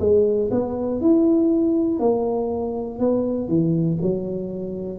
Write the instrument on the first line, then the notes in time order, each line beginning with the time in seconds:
tuba
0.00 G#3
0.51 B3
1.01 E4
2.00 A#3
3.00 B3
3.48 E3
4.02 F#3